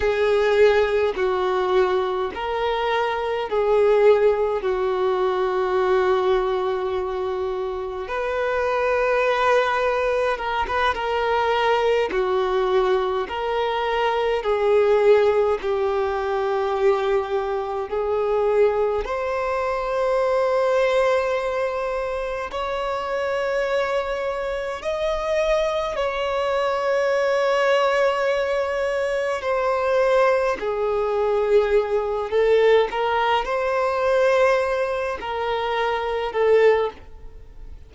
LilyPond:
\new Staff \with { instrumentName = "violin" } { \time 4/4 \tempo 4 = 52 gis'4 fis'4 ais'4 gis'4 | fis'2. b'4~ | b'4 ais'16 b'16 ais'4 fis'4 ais'8~ | ais'8 gis'4 g'2 gis'8~ |
gis'8 c''2. cis''8~ | cis''4. dis''4 cis''4.~ | cis''4. c''4 gis'4. | a'8 ais'8 c''4. ais'4 a'8 | }